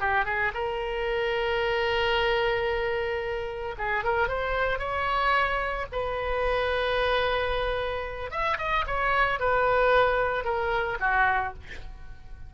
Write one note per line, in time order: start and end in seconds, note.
0.00 0.25 G4
0.25 0.52 G#4
0.54 3.75 A#4
3.78 4.04 G#4
4.04 4.28 A#4
4.28 4.79 C5
4.79 5.86 C#5
5.92 8.31 B4
8.31 8.57 E5
8.58 8.84 D#5
8.87 9.39 C#5
9.39 10.44 B4
10.44 10.98 A#4
11.00 11.53 F#4